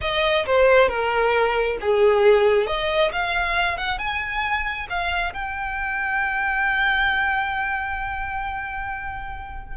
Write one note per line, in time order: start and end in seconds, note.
0.01 0.45 D#5
0.46 0.88 C5
0.88 1.77 A#4
1.80 2.66 G#4
2.66 3.11 D#5
3.12 3.77 F5
3.77 3.98 F#5
3.98 4.87 G#5
4.89 5.33 F5
5.33 9.76 G5